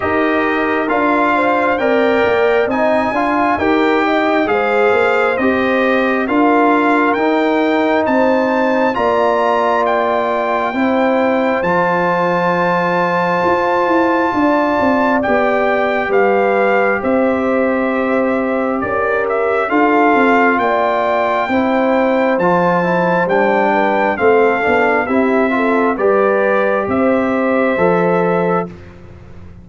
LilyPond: <<
  \new Staff \with { instrumentName = "trumpet" } { \time 4/4 \tempo 4 = 67 dis''4 f''4 g''4 gis''4 | g''4 f''4 dis''4 f''4 | g''4 a''4 ais''4 g''4~ | g''4 a''2.~ |
a''4 g''4 f''4 e''4~ | e''4 d''8 e''8 f''4 g''4~ | g''4 a''4 g''4 f''4 | e''4 d''4 e''2 | }
  \new Staff \with { instrumentName = "horn" } { \time 4/4 ais'4. c''8 d''4 dis''8 f''8 | ais'8 dis''8 c''2 ais'4~ | ais'4 c''4 d''2 | c''1 |
d''2 b'4 c''4~ | c''4 ais'4 a'4 d''4 | c''2~ c''8 b'8 a'4 | g'8 a'8 b'4 c''2 | }
  \new Staff \with { instrumentName = "trombone" } { \time 4/4 g'4 f'4 ais'4 dis'8 f'8 | g'4 gis'4 g'4 f'4 | dis'2 f'2 | e'4 f'2.~ |
f'4 g'2.~ | g'2 f'2 | e'4 f'8 e'8 d'4 c'8 d'8 | e'8 f'8 g'2 a'4 | }
  \new Staff \with { instrumentName = "tuba" } { \time 4/4 dis'4 d'4 c'8 ais8 c'8 d'8 | dis'4 gis8 ais8 c'4 d'4 | dis'4 c'4 ais2 | c'4 f2 f'8 e'8 |
d'8 c'8 b4 g4 c'4~ | c'4 cis'4 d'8 c'8 ais4 | c'4 f4 g4 a8 b8 | c'4 g4 c'4 f4 | }
>>